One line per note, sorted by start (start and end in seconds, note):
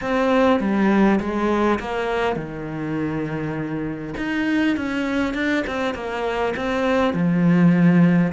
0.01 0.60 C4
0.60 1.19 G3
1.20 1.79 G#3
1.79 2.36 A#3
2.36 4.14 D#3
4.17 4.76 D#4
4.76 5.34 C#4
5.34 5.64 D4
5.66 5.94 C4
5.94 6.53 A#3
6.56 7.13 C4
7.13 8.32 F3